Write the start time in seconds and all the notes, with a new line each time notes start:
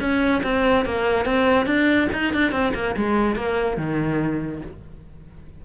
0.00 C#4
0.43 C4
0.85 A#3
1.25 C4
1.66 D4
2.13 D#4
2.34 D4
2.52 C4
2.74 A#3
2.97 G#3
3.36 A#3
3.77 D#3